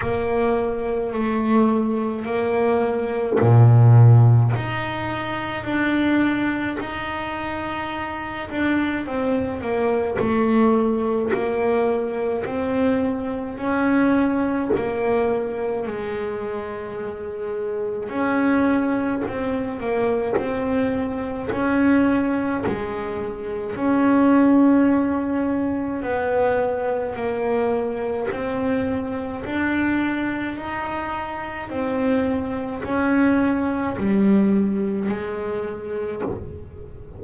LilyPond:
\new Staff \with { instrumentName = "double bass" } { \time 4/4 \tempo 4 = 53 ais4 a4 ais4 ais,4 | dis'4 d'4 dis'4. d'8 | c'8 ais8 a4 ais4 c'4 | cis'4 ais4 gis2 |
cis'4 c'8 ais8 c'4 cis'4 | gis4 cis'2 b4 | ais4 c'4 d'4 dis'4 | c'4 cis'4 g4 gis4 | }